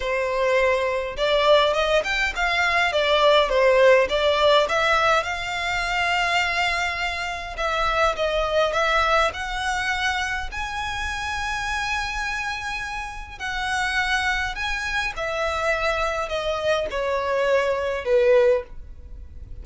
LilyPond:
\new Staff \with { instrumentName = "violin" } { \time 4/4 \tempo 4 = 103 c''2 d''4 dis''8 g''8 | f''4 d''4 c''4 d''4 | e''4 f''2.~ | f''4 e''4 dis''4 e''4 |
fis''2 gis''2~ | gis''2. fis''4~ | fis''4 gis''4 e''2 | dis''4 cis''2 b'4 | }